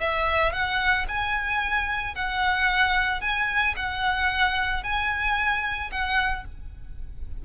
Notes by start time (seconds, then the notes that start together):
0.00 E5
0.52 F#5
1.08 G#5
2.15 F#5
3.21 G#5
3.76 F#5
4.83 G#5
5.91 F#5